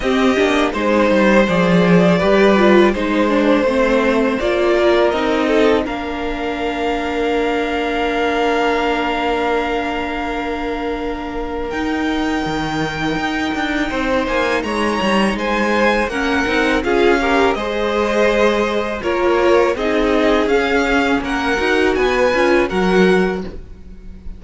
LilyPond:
<<
  \new Staff \with { instrumentName = "violin" } { \time 4/4 \tempo 4 = 82 dis''4 c''4 d''2 | c''2 d''4 dis''4 | f''1~ | f''1 |
g''2.~ g''8 gis''8 | ais''4 gis''4 fis''4 f''4 | dis''2 cis''4 dis''4 | f''4 fis''4 gis''4 fis''4 | }
  \new Staff \with { instrumentName = "violin" } { \time 4/4 g'4 c''2 b'4 | c''2~ c''8 ais'4 a'8 | ais'1~ | ais'1~ |
ais'2. c''4 | cis''4 c''4 ais'4 gis'8 ais'8 | c''2 ais'4 gis'4~ | gis'4 ais'4 b'4 ais'4 | }
  \new Staff \with { instrumentName = "viola" } { \time 4/4 c'8 d'8 dis'4 gis'4 g'8 f'8 | dis'8 d'8 c'4 f'4 dis'4 | d'1~ | d'1 |
dis'1~ | dis'2 cis'8 dis'8 f'8 g'8 | gis'2 f'4 dis'4 | cis'4. fis'4 f'8 fis'4 | }
  \new Staff \with { instrumentName = "cello" } { \time 4/4 c'8 ais8 gis8 g8 f4 g4 | gis4 a4 ais4 c'4 | ais1~ | ais1 |
dis'4 dis4 dis'8 d'8 c'8 ais8 | gis8 g8 gis4 ais8 c'8 cis'4 | gis2 ais4 c'4 | cis'4 ais8 dis'8 b8 cis'8 fis4 | }
>>